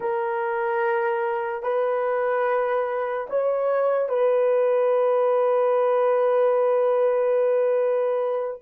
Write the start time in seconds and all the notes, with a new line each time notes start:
0.00 A#4
1.63 B4
3.29 C#5
4.08 B4